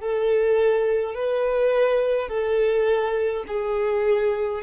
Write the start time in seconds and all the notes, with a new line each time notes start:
0.00 A4
1.15 B4
2.29 A4
3.47 G#4